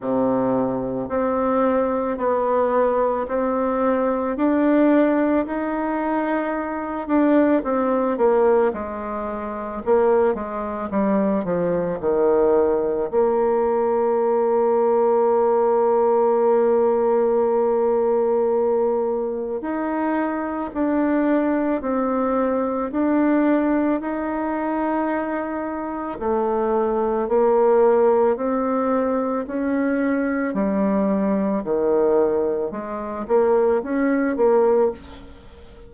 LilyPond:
\new Staff \with { instrumentName = "bassoon" } { \time 4/4 \tempo 4 = 55 c4 c'4 b4 c'4 | d'4 dis'4. d'8 c'8 ais8 | gis4 ais8 gis8 g8 f8 dis4 | ais1~ |
ais2 dis'4 d'4 | c'4 d'4 dis'2 | a4 ais4 c'4 cis'4 | g4 dis4 gis8 ais8 cis'8 ais8 | }